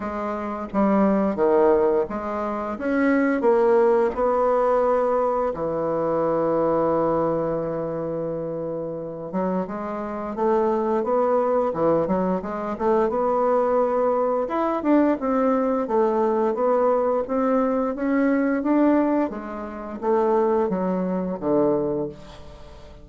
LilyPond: \new Staff \with { instrumentName = "bassoon" } { \time 4/4 \tempo 4 = 87 gis4 g4 dis4 gis4 | cis'4 ais4 b2 | e1~ | e4. fis8 gis4 a4 |
b4 e8 fis8 gis8 a8 b4~ | b4 e'8 d'8 c'4 a4 | b4 c'4 cis'4 d'4 | gis4 a4 fis4 d4 | }